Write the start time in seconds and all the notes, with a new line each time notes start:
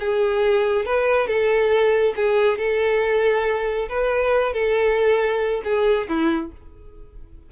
0.00 G#4
0.86 B4
1.28 A4
2.17 G#4
2.58 A4
3.89 B4
4.54 A4
5.65 G#4
6.09 E4